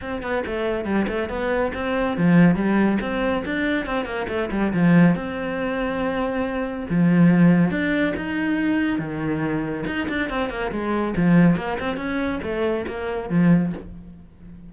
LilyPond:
\new Staff \with { instrumentName = "cello" } { \time 4/4 \tempo 4 = 140 c'8 b8 a4 g8 a8 b4 | c'4 f4 g4 c'4 | d'4 c'8 ais8 a8 g8 f4 | c'1 |
f2 d'4 dis'4~ | dis'4 dis2 dis'8 d'8 | c'8 ais8 gis4 f4 ais8 c'8 | cis'4 a4 ais4 f4 | }